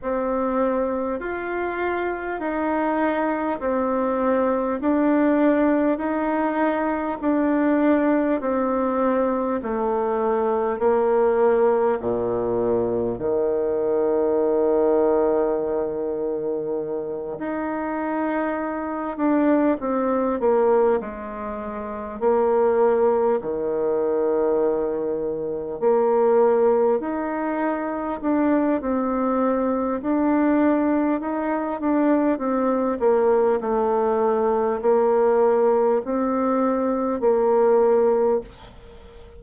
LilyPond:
\new Staff \with { instrumentName = "bassoon" } { \time 4/4 \tempo 4 = 50 c'4 f'4 dis'4 c'4 | d'4 dis'4 d'4 c'4 | a4 ais4 ais,4 dis4~ | dis2~ dis8 dis'4. |
d'8 c'8 ais8 gis4 ais4 dis8~ | dis4. ais4 dis'4 d'8 | c'4 d'4 dis'8 d'8 c'8 ais8 | a4 ais4 c'4 ais4 | }